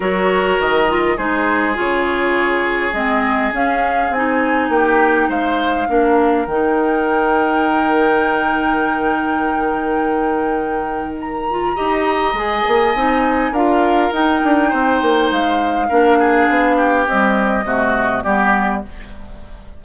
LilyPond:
<<
  \new Staff \with { instrumentName = "flute" } { \time 4/4 \tempo 4 = 102 cis''4 dis''4 c''4 cis''4~ | cis''4 dis''4 f''4 gis''4 | g''4 f''2 g''4~ | g''1~ |
g''2. ais''4~ | ais''4 gis''2 f''4 | g''2 f''2~ | f''4 dis''2 d''4 | }
  \new Staff \with { instrumentName = "oboe" } { \time 4/4 ais'2 gis'2~ | gis'1 | g'4 c''4 ais'2~ | ais'1~ |
ais'1 | dis''2. ais'4~ | ais'4 c''2 ais'8 gis'8~ | gis'8 g'4. fis'4 g'4 | }
  \new Staff \with { instrumentName = "clarinet" } { \time 4/4 fis'4. f'8 dis'4 f'4~ | f'4 c'4 cis'4 dis'4~ | dis'2 d'4 dis'4~ | dis'1~ |
dis'2.~ dis'8 f'8 | g'4 gis'4 dis'4 f'4 | dis'2. d'4~ | d'4 g4 a4 b4 | }
  \new Staff \with { instrumentName = "bassoon" } { \time 4/4 fis4 dis4 gis4 cis4~ | cis4 gis4 cis'4 c'4 | ais4 gis4 ais4 dis4~ | dis1~ |
dis1 | dis'4 gis8 ais8 c'4 d'4 | dis'8 d'8 c'8 ais8 gis4 ais4 | b4 c'4 c4 g4 | }
>>